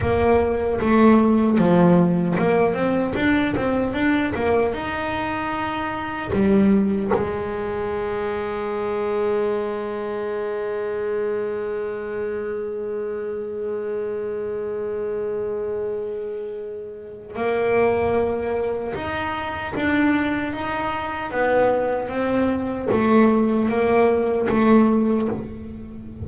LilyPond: \new Staff \with { instrumentName = "double bass" } { \time 4/4 \tempo 4 = 76 ais4 a4 f4 ais8 c'8 | d'8 c'8 d'8 ais8 dis'2 | g4 gis2.~ | gis1~ |
gis1~ | gis2 ais2 | dis'4 d'4 dis'4 b4 | c'4 a4 ais4 a4 | }